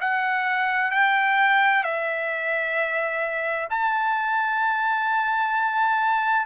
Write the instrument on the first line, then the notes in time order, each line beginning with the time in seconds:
trumpet
0.00 F#5
0.91 G5
1.83 E5
3.70 A5